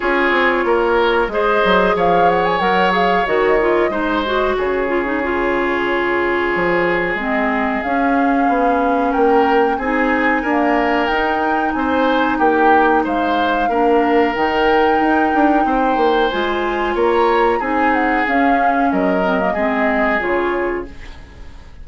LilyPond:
<<
  \new Staff \with { instrumentName = "flute" } { \time 4/4 \tempo 4 = 92 cis''2 dis''4 f''8 fis''16 gis''16 | fis''8 f''8 dis''2 cis''4~ | cis''2. dis''4 | f''2 g''4 gis''4~ |
gis''4 g''4 gis''4 g''4 | f''2 g''2~ | g''4 gis''4 ais''4 gis''8 fis''8 | f''4 dis''2 cis''4 | }
  \new Staff \with { instrumentName = "oboe" } { \time 4/4 gis'4 ais'4 c''4 cis''4~ | cis''2 c''4 gis'4~ | gis'1~ | gis'2 ais'4 gis'4 |
ais'2 c''4 g'4 | c''4 ais'2. | c''2 cis''4 gis'4~ | gis'4 ais'4 gis'2 | }
  \new Staff \with { instrumentName = "clarinet" } { \time 4/4 f'2 gis'2 | ais'8 gis'8 fis'8 f'8 dis'8 fis'4 f'16 dis'16 | f'2. c'4 | cis'2. dis'4 |
ais4 dis'2.~ | dis'4 d'4 dis'2~ | dis'4 f'2 dis'4 | cis'4. c'16 ais16 c'4 f'4 | }
  \new Staff \with { instrumentName = "bassoon" } { \time 4/4 cis'8 c'8 ais4 gis8 fis8 f4 | fis4 dis4 gis4 cis4~ | cis2 f4 gis4 | cis'4 b4 ais4 c'4 |
d'4 dis'4 c'4 ais4 | gis4 ais4 dis4 dis'8 d'8 | c'8 ais8 gis4 ais4 c'4 | cis'4 fis4 gis4 cis4 | }
>>